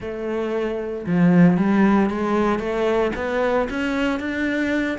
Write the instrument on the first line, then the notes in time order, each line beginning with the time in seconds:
cello
0.00 A3
1.06 F3
1.57 G3
2.10 G#3
2.59 A3
3.15 B3
3.70 C#4
4.19 D4